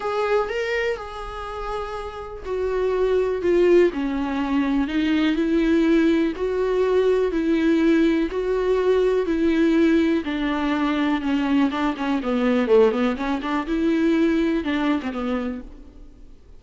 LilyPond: \new Staff \with { instrumentName = "viola" } { \time 4/4 \tempo 4 = 123 gis'4 ais'4 gis'2~ | gis'4 fis'2 f'4 | cis'2 dis'4 e'4~ | e'4 fis'2 e'4~ |
e'4 fis'2 e'4~ | e'4 d'2 cis'4 | d'8 cis'8 b4 a8 b8 cis'8 d'8 | e'2 d'8. c'16 b4 | }